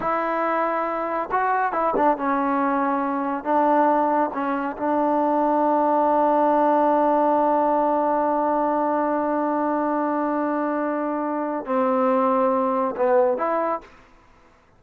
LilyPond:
\new Staff \with { instrumentName = "trombone" } { \time 4/4 \tempo 4 = 139 e'2. fis'4 | e'8 d'8 cis'2. | d'2 cis'4 d'4~ | d'1~ |
d'1~ | d'1~ | d'2. c'4~ | c'2 b4 e'4 | }